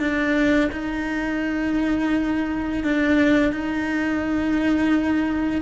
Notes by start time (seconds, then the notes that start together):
0.00 D4
0.72 D#4
2.84 D4
3.53 D#4